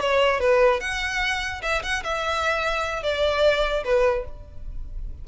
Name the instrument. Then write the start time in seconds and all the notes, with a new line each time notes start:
violin
0.00 C#5
0.39 B4
0.80 F#5
1.62 E5
1.83 F#5
2.03 E5
3.02 D5
3.84 B4